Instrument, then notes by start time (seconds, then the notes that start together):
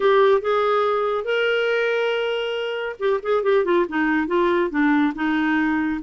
clarinet
0.00 G4
0.41 G#4
1.24 A#4
2.99 G4
3.22 G#4
3.43 G4
3.64 F4
3.88 D#4
4.27 F4
4.70 D4
5.15 D#4